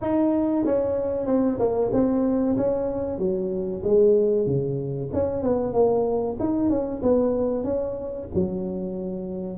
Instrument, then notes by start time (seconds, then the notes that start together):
tuba
0.01 D#4
0.65 C#4
1.26 C4
1.59 A#3
1.92 C4
2.56 C#4
3.18 F#3
3.83 G#3
4.46 C#3
5.13 C#4
5.42 B3
5.73 A#3
6.39 D#4
6.69 C#4
7.02 B3
7.64 C#4
8.34 F#3